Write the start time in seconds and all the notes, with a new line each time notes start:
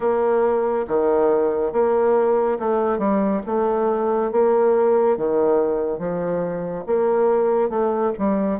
0.00 A#3
0.87 D#3
1.72 A#3
2.59 A3
2.98 G3
3.46 A3
4.31 A#3
5.17 D#3
5.98 F3
6.86 A#3
7.69 A3
8.18 G3